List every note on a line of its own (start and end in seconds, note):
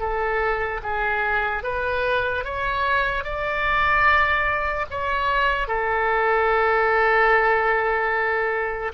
0.00 0.81 A4
0.83 1.64 G#4
1.64 2.45 B4
2.45 3.24 C#5
3.24 4.86 D5
4.91 5.68 C#5
5.68 8.92 A4